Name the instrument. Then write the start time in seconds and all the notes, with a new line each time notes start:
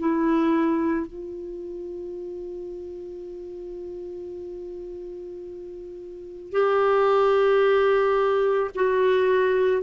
clarinet
0.00 E4
1.07 F4
6.52 G4
8.75 F#4